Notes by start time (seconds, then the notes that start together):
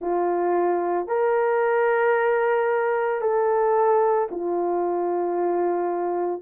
0.01 F4
1.07 A#4
3.21 A4
4.31 F4